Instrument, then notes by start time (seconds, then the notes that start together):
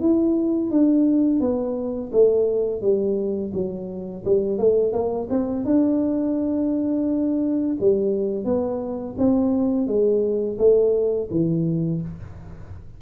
tuba
0.00 E4
0.71 D4
1.40 B3
2.12 A3
2.81 G3
3.53 F#3
4.25 G3
4.58 A3
4.92 A#3
5.29 C4
5.65 D4
7.80 G3
8.44 B3
9.18 C4
9.87 G#3
10.58 A3
11.30 E3